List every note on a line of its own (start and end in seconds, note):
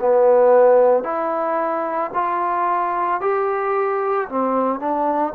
0.00 1.03 B3
1.03 2.10 E4
2.14 3.20 F4
3.20 4.28 G4
4.29 4.79 C4
4.79 5.33 D4